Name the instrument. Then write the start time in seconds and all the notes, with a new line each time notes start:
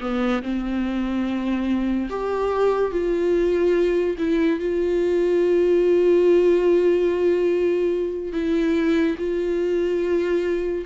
viola
0.00 B3
0.42 C4
2.09 G4
2.91 F4
4.18 E4
4.59 F4
8.33 E4
9.17 F4